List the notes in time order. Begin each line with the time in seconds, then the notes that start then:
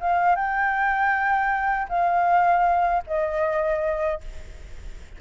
0.00 F5
0.35 G5
1.88 F5
3.06 D#5